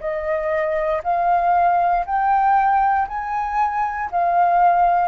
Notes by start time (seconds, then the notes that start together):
0.00 D#5
1.04 F5
2.06 G5
3.08 G#5
4.11 F5